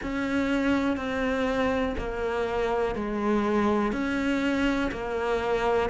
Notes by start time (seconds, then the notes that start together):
0.02 C#4
0.96 C4
1.98 A#3
2.95 G#3
3.92 C#4
4.91 A#3